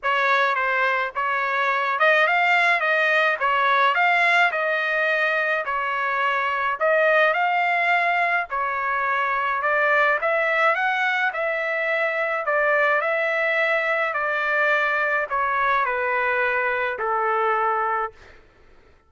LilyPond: \new Staff \with { instrumentName = "trumpet" } { \time 4/4 \tempo 4 = 106 cis''4 c''4 cis''4. dis''8 | f''4 dis''4 cis''4 f''4 | dis''2 cis''2 | dis''4 f''2 cis''4~ |
cis''4 d''4 e''4 fis''4 | e''2 d''4 e''4~ | e''4 d''2 cis''4 | b'2 a'2 | }